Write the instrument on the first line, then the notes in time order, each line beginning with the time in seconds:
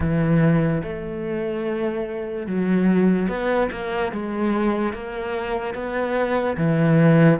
cello
0.00 E3
0.83 A3
2.47 F#3
3.28 B3
3.71 A#3
4.11 G#3
4.93 A#3
5.74 B3
6.57 E3